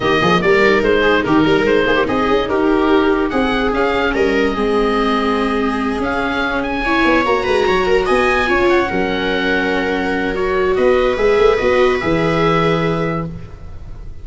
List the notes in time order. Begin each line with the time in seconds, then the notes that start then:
0.00 D#3 A#3 G4 D#5
0.20 F3 G#4
0.41 G3 A#4 D5
0.62 D#4
0.82 G#3 C5
1.01 G#4
1.24 D#3 G4 A#4
1.44 G3 A#4
1.63 G#3 C5
1.86 A#3 G#4
1.95 G4
2.07 C4 G#4 D#5
2.28 C#4
2.48 D#4 G4 A#4
3.29 C4 G#4 F#5
3.72 C#4 F5
4.13 G3 A#4 D#5
4.54 G#3 C4 G#4
5.99 C#4 F5
6.62 G#5
6.84 E4 C#5
7.04 B3
7.25 A#3 F#4 A#5
7.43 G#3 B4
7.67 F#3 C#5
7.85 A#4
8.05 B3 D#5 G#5
8.45 C#4 F4 C#5
8.69 F#5
8.89 F#3 C#4 A#4
10.34 F#4 C#5
10.75 B3 B4 D#5
11.17 G#3 G#4 E5
11.38 A3
11.56 B3 F#4 D#5
12.00 E3 G#4 E5